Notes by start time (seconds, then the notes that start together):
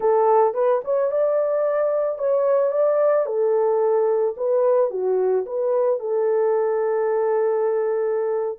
0.00 A4
0.54 B4
0.84 C#5
1.11 D5
2.18 C#5
2.71 D5
3.26 A4
4.37 B4
4.90 F#4
5.45 B4
5.99 A4